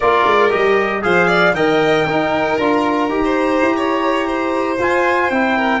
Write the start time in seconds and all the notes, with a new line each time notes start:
0.00 A#3 F4 A#4 D5
0.25 G#3
0.50 G3 G4 D#5
1.02 F3 G#4 C5 F5
1.27 D5
1.53 D#3 A#4 D#5 G5
2.06 D#4 A#4
2.57 D4 F4 A#5
3.09 D#4 G4
3.24 C5
3.62 E4
3.76 C#5
4.27 C5
4.78 F4 G#5
5.30 C4 E4 G5
5.56 A#4